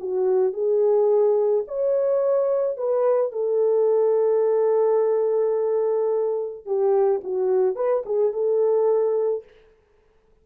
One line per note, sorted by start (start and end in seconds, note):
0.00 0.53 F#4
0.53 1.64 G#4
1.67 2.77 C#5
2.77 3.32 B4
3.32 6.65 A4
6.65 7.21 G4
7.23 7.75 F#4
7.75 8.03 B4
8.06 8.33 G#4
8.33 9.44 A4